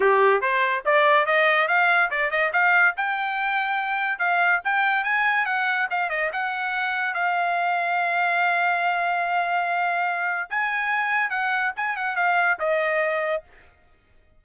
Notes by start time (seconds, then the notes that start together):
0.00 G4
0.41 C5
0.85 D5
1.26 D#5
1.68 F5
2.10 D5
2.30 D#5
2.52 F5
2.96 G5
4.18 F5
4.64 G5
5.03 G#5
5.45 F#5
5.90 F5
6.09 D#5
6.32 F#5
7.13 F5
10.50 G#5
11.30 F#5
11.76 G#5
11.96 F#5
12.15 F5
12.59 D#5